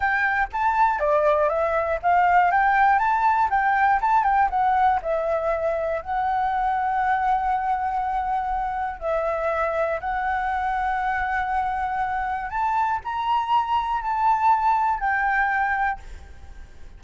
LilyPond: \new Staff \with { instrumentName = "flute" } { \time 4/4 \tempo 4 = 120 g''4 a''4 d''4 e''4 | f''4 g''4 a''4 g''4 | a''8 g''8 fis''4 e''2 | fis''1~ |
fis''2 e''2 | fis''1~ | fis''4 a''4 ais''2 | a''2 g''2 | }